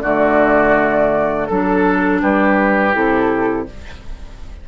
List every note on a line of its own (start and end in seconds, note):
0.00 1.49 D3
0.00 1.50 A3
0.00 1.49 F#4
0.00 1.46 D5
1.46 2.23 F#3
1.46 2.93 D4
1.46 2.20 A4
1.46 2.22 A4
2.22 2.95 G3
2.22 3.68 G4
2.22 2.95 B4
2.93 3.68 C3
2.93 3.66 E4
2.93 3.69 A4